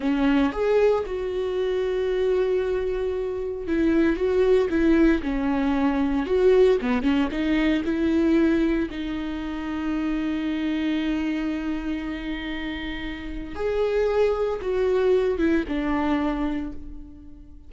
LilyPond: \new Staff \with { instrumentName = "viola" } { \time 4/4 \tempo 4 = 115 cis'4 gis'4 fis'2~ | fis'2. e'4 | fis'4 e'4 cis'2 | fis'4 b8 cis'8 dis'4 e'4~ |
e'4 dis'2.~ | dis'1~ | dis'2 gis'2 | fis'4. e'8 d'2 | }